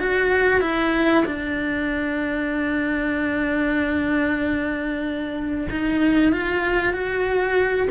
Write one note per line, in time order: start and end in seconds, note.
0.00 0.61 F#4
0.61 1.24 E4
1.26 5.68 D4
5.71 6.33 D#4
6.33 6.94 F4
6.94 7.88 F#4